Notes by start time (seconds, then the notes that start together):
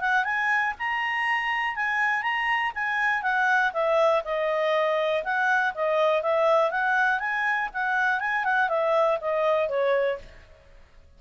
0.00 F#5
0.24 G#5
0.78 A#5
1.75 G#5
2.22 A#5
2.74 G#5
3.22 F#5
3.73 E5
4.24 D#5
5.24 F#5
5.74 D#5
6.22 E5
6.71 F#5
7.19 G#5
7.73 F#5
8.20 G#5
8.44 F#5
8.68 E5
9.20 D#5
9.68 C#5